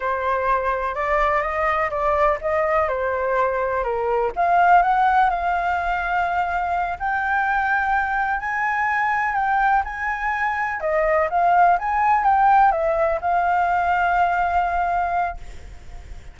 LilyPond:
\new Staff \with { instrumentName = "flute" } { \time 4/4 \tempo 4 = 125 c''2 d''4 dis''4 | d''4 dis''4 c''2 | ais'4 f''4 fis''4 f''4~ | f''2~ f''8 g''4.~ |
g''4. gis''2 g''8~ | g''8 gis''2 dis''4 f''8~ | f''8 gis''4 g''4 e''4 f''8~ | f''1 | }